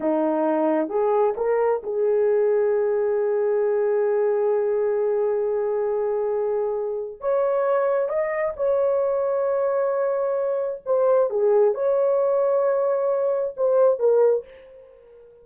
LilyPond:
\new Staff \with { instrumentName = "horn" } { \time 4/4 \tempo 4 = 133 dis'2 gis'4 ais'4 | gis'1~ | gis'1~ | gis'1 |
cis''2 dis''4 cis''4~ | cis''1 | c''4 gis'4 cis''2~ | cis''2 c''4 ais'4 | }